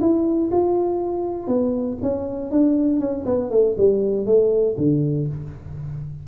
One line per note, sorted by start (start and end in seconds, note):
0.00 0.50 E4
0.51 1.47 F4
1.47 1.97 B3
2.02 2.51 C#4
2.51 2.99 D4
2.99 3.24 C#4
3.25 3.50 B3
3.50 3.75 A3
3.77 4.25 G3
4.25 4.75 A3
4.77 5.27 D3